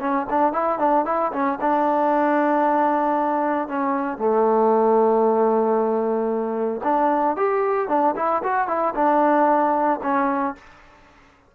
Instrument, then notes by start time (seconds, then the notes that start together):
trombone
0.00 C#4
0.29 D4
0.53 E4
0.79 D4
1.05 E4
1.33 C#4
1.61 D4
3.68 C#4
4.18 A3
6.84 D4
7.36 G4
7.89 D4
8.16 E4
8.43 F#4
8.68 E4
8.95 D4
10.03 C#4